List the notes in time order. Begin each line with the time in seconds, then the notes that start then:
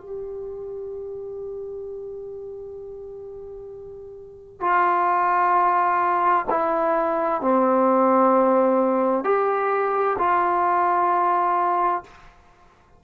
0.00 G4
4.61 F4
6.50 E4
7.41 C4
9.24 G4
10.19 F4